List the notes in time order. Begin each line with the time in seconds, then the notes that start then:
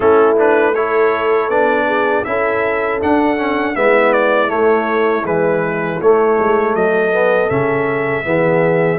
0.00 A3 C#4 E4 A4
0.37 D4 B4
0.74 E4 A4 C#5
1.48 B3 D4 D5
1.87 G#4
2.24 C#4 E4 A4 E5
3.01 D4 F#5
3.37 C#4
3.75 G#3 B3 E4 E5
4.12 D5
4.47 A3 C#5
5.22 E3 G#3 B4
6.00 A3 C#5
6.38 G#3
6.74 F#3 A4 D#5
7.12 B3
7.49 C#3 C#4 E5
8.24 E3 B3 G#4